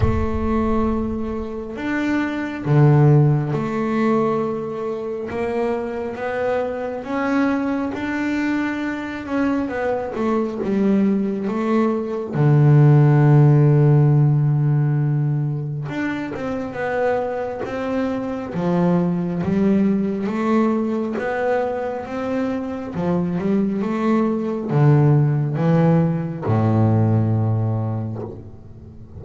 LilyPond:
\new Staff \with { instrumentName = "double bass" } { \time 4/4 \tempo 4 = 68 a2 d'4 d4 | a2 ais4 b4 | cis'4 d'4. cis'8 b8 a8 | g4 a4 d2~ |
d2 d'8 c'8 b4 | c'4 f4 g4 a4 | b4 c'4 f8 g8 a4 | d4 e4 a,2 | }